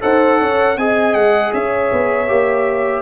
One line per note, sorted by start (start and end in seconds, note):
0.00 0.40 D#4
0.00 0.76 A4
0.00 0.40 C5
0.00 0.78 F#5
0.40 0.76 C#4
0.40 0.78 C#5
0.76 1.14 C4
0.76 2.27 G#4
0.76 1.53 D#5
0.76 1.14 G#5
1.14 1.52 G#3
1.14 1.52 F#5
1.53 1.91 C#4
1.53 3.02 C#5
1.53 3.02 E5
1.92 2.29 B3
2.27 3.02 A#3
2.27 3.02 G4